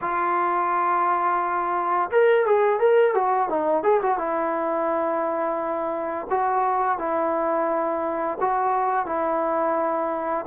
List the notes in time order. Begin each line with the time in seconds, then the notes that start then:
0.01 F4
2.11 A#4
2.45 G#4
2.79 A#4
3.14 F#4
3.49 D#4
3.83 G#4
4.01 F#4
4.18 E4
6.30 F#4
6.98 E4
8.40 F#4
9.05 E4